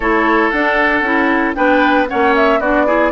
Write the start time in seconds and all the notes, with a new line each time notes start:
0.00 A3 E4 A4 C#5
0.49 D4 F#5
1.01 C#4 E4
1.54 B3 D4 B4 G5
2.08 A#3 C#4 C#5 F#5
2.35 E5
2.59 B3 D4 F#4 D5
2.86 E4 G#4